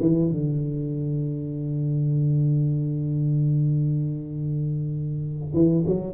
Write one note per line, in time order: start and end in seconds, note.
0.00 0.31 E3
0.31 5.54 D3
5.54 5.85 E3
5.87 6.13 F#3